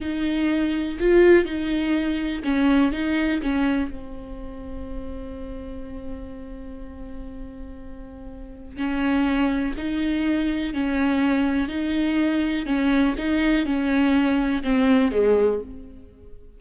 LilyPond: \new Staff \with { instrumentName = "viola" } { \time 4/4 \tempo 4 = 123 dis'2 f'4 dis'4~ | dis'4 cis'4 dis'4 cis'4 | c'1~ | c'1~ |
c'2 cis'2 | dis'2 cis'2 | dis'2 cis'4 dis'4 | cis'2 c'4 gis4 | }